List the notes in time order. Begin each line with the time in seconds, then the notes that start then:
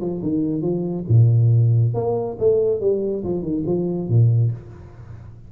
0.00 F3
0.22 D#3
0.61 F3
1.08 A#2
1.94 A#3
2.39 A3
2.80 G3
3.24 F3
3.42 D#3
3.66 F3
4.08 A#2